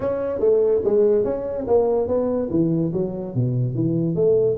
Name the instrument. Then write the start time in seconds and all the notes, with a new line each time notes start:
tuba
0.00 C#4
0.39 A3
0.84 G#3
1.24 C#4
1.67 A#3
2.07 B3
2.50 E3
2.93 F#3
3.34 B2
3.75 E3
4.15 A3